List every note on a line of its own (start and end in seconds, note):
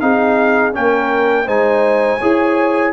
0.00 0.75 C4
0.00 0.73 D#4
0.00 0.76 G#4
0.00 0.73 F5
0.73 1.47 A#3
0.73 1.46 C#4
0.73 1.45 A#4
0.73 1.48 G5
1.45 2.20 G#3
1.45 2.20 D#4
1.45 2.18 C5
1.45 2.93 G#5
2.18 2.93 E4
2.18 2.93 G#4
2.18 2.92 C#5